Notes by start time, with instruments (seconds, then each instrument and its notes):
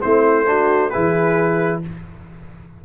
0.00 tuba A3, trombone C4, horn E4, trumpet C5
0.46 trombone D4, horn F#4
0.90 tuba E3, trombone E4, horn G#4, trumpet B4